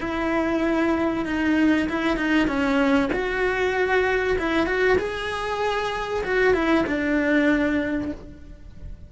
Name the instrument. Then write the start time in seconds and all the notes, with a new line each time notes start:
cello
0.00 E4
1.25 D#4
1.89 E4
2.16 D#4
2.47 C#4
3.12 F#4
4.38 E4
4.66 F#4
4.98 G#4
6.24 F#4
6.53 E4
6.86 D4